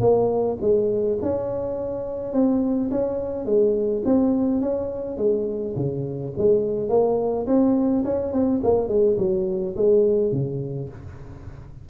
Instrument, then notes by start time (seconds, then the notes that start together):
tuba
0.00 A#3
0.61 G#3
1.22 C#4
2.33 C4
2.91 C#4
3.45 G#3
4.05 C4
4.61 C#4
5.17 G#3
5.76 C#3
6.37 G#3
6.89 A#3
7.47 C4
8.05 C#4
8.32 C4
8.63 A#3
8.88 G#3
9.18 F#3
9.76 G#3
10.32 C#3